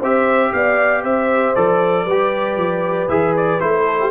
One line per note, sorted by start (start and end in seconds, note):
0.00 0.52 C4
0.00 1.56 G4
0.00 0.51 C5
0.00 0.53 E5
0.53 1.04 B3
0.53 1.03 D5
0.53 1.04 F5
1.03 1.56 C4
1.03 2.05 C5
1.03 1.56 E5
1.56 2.06 F3
1.56 2.07 A4
1.56 3.09 D5
2.05 2.57 G3
2.05 3.09 G4
2.05 3.85 B4
2.57 3.08 F3
3.09 3.60 E3
3.09 3.61 G#4
3.09 3.35 E5
3.37 3.61 D5
3.61 4.11 A3
3.61 4.11 E4
3.61 4.11 C5
3.86 3.99 A4
4.01 4.11 G4